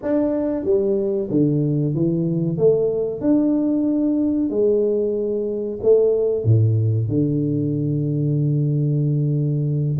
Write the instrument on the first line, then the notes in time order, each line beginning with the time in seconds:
tuba
0.02 D4
0.64 G3
1.30 D3
1.94 E3
2.57 A3
3.21 D4
4.50 G#3
5.82 A3
6.44 A2
7.08 D3